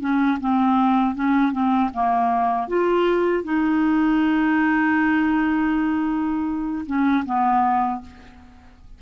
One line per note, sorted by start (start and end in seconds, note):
0.00 0.38 C#4
0.40 1.15 C4
1.15 1.52 C#4
1.52 1.90 C4
1.93 2.68 A#3
2.68 3.43 F4
3.43 6.85 D#4
6.86 7.24 C#4
7.25 8.01 B3